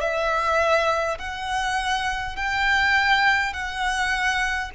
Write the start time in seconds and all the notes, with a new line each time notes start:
0.00 E5
1.18 F#5
2.36 G5
3.53 F#5